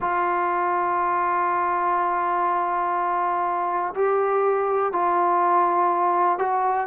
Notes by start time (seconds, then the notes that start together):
0.00 F4
3.94 G4
4.92 F4
6.38 F#4